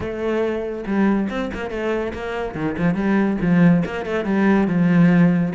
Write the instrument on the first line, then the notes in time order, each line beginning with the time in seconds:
cello
0.00 A3
0.86 G3
1.29 C4
1.53 A#3
1.70 A3
2.13 A#3
2.54 D#3
2.78 F3
2.94 G3
3.41 F3
3.85 A#3
4.05 A3
4.25 G3
4.67 F3